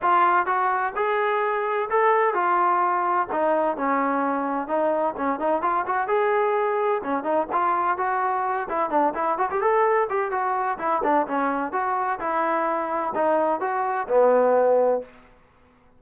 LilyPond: \new Staff \with { instrumentName = "trombone" } { \time 4/4 \tempo 4 = 128 f'4 fis'4 gis'2 | a'4 f'2 dis'4 | cis'2 dis'4 cis'8 dis'8 | f'8 fis'8 gis'2 cis'8 dis'8 |
f'4 fis'4. e'8 d'8 e'8 | fis'16 g'16 a'4 g'8 fis'4 e'8 d'8 | cis'4 fis'4 e'2 | dis'4 fis'4 b2 | }